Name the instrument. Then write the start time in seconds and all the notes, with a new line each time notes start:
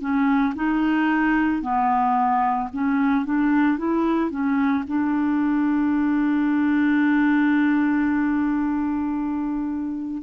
clarinet
0.00 C#4
0.55 D#4
1.62 B3
2.73 C#4
3.25 D4
3.78 E4
4.31 C#4
4.87 D4